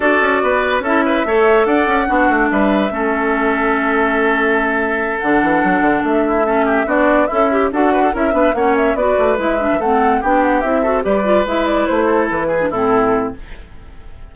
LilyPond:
<<
  \new Staff \with { instrumentName = "flute" } { \time 4/4 \tempo 4 = 144 d''2 e''2 | fis''2 e''2~ | e''1~ | e''8 fis''2 e''4.~ |
e''8 d''4 e''4 fis''4 e''8~ | e''8 fis''8 e''8 d''4 e''4 fis''8~ | fis''8 g''8 fis''8 e''4 d''4 e''8 | d''8 c''4 b'4 a'4. | }
  \new Staff \with { instrumentName = "oboe" } { \time 4/4 a'4 b'4 a'8 b'8 cis''4 | d''4 fis'4 b'4 a'4~ | a'1~ | a'2. e'8 a'8 |
g'8 fis'4 e'4 a'8 b'16 a'16 ais'8 | b'8 cis''4 b'2 a'8~ | a'8 g'4. a'8 b'4.~ | b'4 a'4 gis'8 e'4. | }
  \new Staff \with { instrumentName = "clarinet" } { \time 4/4 fis'2 e'4 a'4~ | a'4 d'2 cis'4~ | cis'1~ | cis'8 d'2. cis'8~ |
cis'8 d'4 a'8 g'8 fis'4 e'8 | d'8 cis'4 fis'4 e'8 d'8 c'8~ | c'8 d'4 e'8 fis'8 g'8 f'8 e'8~ | e'2~ e'16 d'16 c'4. | }
  \new Staff \with { instrumentName = "bassoon" } { \time 4/4 d'8 cis'8 b4 cis'4 a4 | d'8 cis'8 b8 a8 g4 a4~ | a1~ | a8 d8 e8 fis8 d8 a4.~ |
a8 b4 cis'4 d'4 cis'8 | b8 ais4 b8 a8 gis8. e16 a8~ | a8 b4 c'4 g4 gis8~ | gis8 a4 e4 a,4. | }
>>